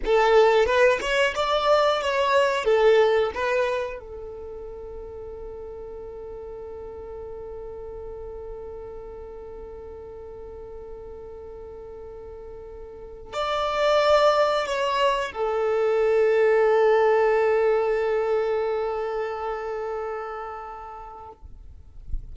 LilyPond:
\new Staff \with { instrumentName = "violin" } { \time 4/4 \tempo 4 = 90 a'4 b'8 cis''8 d''4 cis''4 | a'4 b'4 a'2~ | a'1~ | a'1~ |
a'1 | d''2 cis''4 a'4~ | a'1~ | a'1 | }